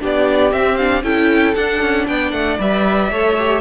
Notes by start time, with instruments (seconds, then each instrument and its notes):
0.00 cello B3, viola D4, violin G4 D5
0.52 viola C4, cello C4, violin E5
0.77 viola D4, violin F5
1.03 cello C#4, viola E4, violin A4 G5
1.55 viola D4, cello D4, violin F#5
1.82 cello C#4
2.08 cello B3, violin D5 G5
2.32 cello A3, violin F#5
2.59 cello G3, viola B4, violin E5
3.11 cello A3, viola A4, violin C#5
3.39 viola G4